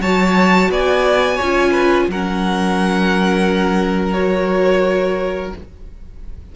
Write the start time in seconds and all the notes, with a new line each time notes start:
0.00 F#3 F#4 C#5 A5
0.70 B3 D5 G#5
1.36 C#5
1.42 C#4 F4
1.71 B4
2.08 F#3 C#4 A#4 F#5
4.13 F#4 C#5